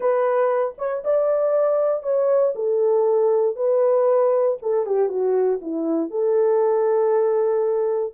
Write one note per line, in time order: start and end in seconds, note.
0.00 0.74 B4
0.77 1.03 C#5
1.04 2.02 D5
2.02 2.53 C#5
2.55 3.55 A4
3.55 4.57 B4
4.61 4.86 A4
4.86 5.08 G4
5.08 5.59 F#4
5.61 6.10 E4
6.10 8.13 A4